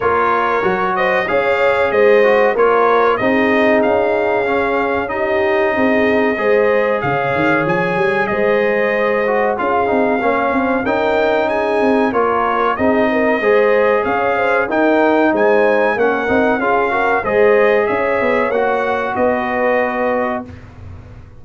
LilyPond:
<<
  \new Staff \with { instrumentName = "trumpet" } { \time 4/4 \tempo 4 = 94 cis''4. dis''8 f''4 dis''4 | cis''4 dis''4 f''2 | dis''2. f''4 | gis''4 dis''2 f''4~ |
f''4 g''4 gis''4 cis''4 | dis''2 f''4 g''4 | gis''4 fis''4 f''4 dis''4 | e''4 fis''4 dis''2 | }
  \new Staff \with { instrumentName = "horn" } { \time 4/4 ais'4. c''8 cis''4 c''4 | ais'4 gis'2. | g'4 gis'4 c''4 cis''4~ | cis''4 c''2 gis'4 |
cis''8 c''8 ais'4 gis'4 ais'4 | gis'8 ais'8 c''4 cis''8 c''8 ais'4 | c''4 ais'4 gis'8 ais'8 c''4 | cis''2 b'2 | }
  \new Staff \with { instrumentName = "trombone" } { \time 4/4 f'4 fis'4 gis'4. fis'8 | f'4 dis'2 cis'4 | dis'2 gis'2~ | gis'2~ gis'8 fis'8 f'8 dis'8 |
cis'4 dis'2 f'4 | dis'4 gis'2 dis'4~ | dis'4 cis'8 dis'8 f'8 fis'8 gis'4~ | gis'4 fis'2. | }
  \new Staff \with { instrumentName = "tuba" } { \time 4/4 ais4 fis4 cis'4 gis4 | ais4 c'4 cis'2~ | cis'4 c'4 gis4 cis8 dis8 | f8 g8 gis2 cis'8 c'8 |
ais8 c'8 cis'4. c'8 ais4 | c'4 gis4 cis'4 dis'4 | gis4 ais8 c'8 cis'4 gis4 | cis'8 b8 ais4 b2 | }
>>